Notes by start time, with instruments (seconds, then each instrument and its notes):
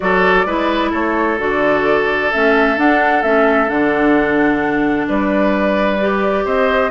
0.00 bassoon F#3, clarinet F#4, oboe A4, flute D5
0.45 bassoon G#3, clarinet E4, oboe B4
0.90 bassoon A3, oboe A4, flute C#5
1.38 bassoon D3, clarinet F#4, flute D5
2.31 bassoon A3, clarinet C#4, flute E5
2.76 clarinet D4, bassoon D4, flute F#5
3.22 bassoon A3, clarinet C#4, flute E5
3.67 bassoon D3, clarinet D4, flute F#5
5.08 bassoon G3, oboe B4, flute D5
6.01 clarinet G4
6.44 bassoon C4, oboe C5, flute D#5